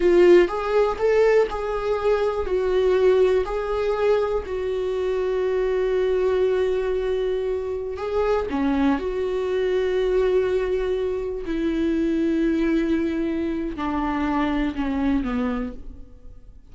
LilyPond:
\new Staff \with { instrumentName = "viola" } { \time 4/4 \tempo 4 = 122 f'4 gis'4 a'4 gis'4~ | gis'4 fis'2 gis'4~ | gis'4 fis'2.~ | fis'1~ |
fis'16 gis'4 cis'4 fis'4.~ fis'16~ | fis'2.~ fis'16 e'8.~ | e'1 | d'2 cis'4 b4 | }